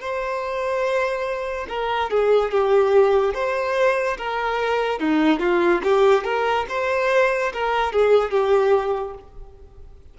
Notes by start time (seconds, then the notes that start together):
0.00 C5
1.68 A#4
2.10 G#4
2.51 G4
3.33 C5
4.17 A#4
4.99 D#4
5.39 F4
5.83 G4
6.24 A#4
6.69 C5
7.53 A#4
7.92 G#4
8.30 G4